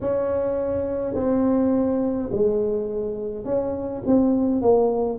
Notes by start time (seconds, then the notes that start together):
0.00 C#4
1.14 C4
2.31 G#3
3.44 C#4
4.06 C4
4.62 A#3